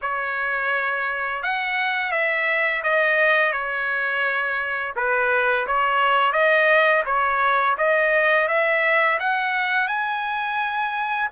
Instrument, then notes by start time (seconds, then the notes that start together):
trumpet
0.01 C#5
1.42 F#5
2.11 E5
2.83 D#5
3.52 C#5
4.96 B4
5.67 C#5
6.32 D#5
7.05 C#5
7.77 D#5
8.48 E5
9.19 F#5
9.87 G#5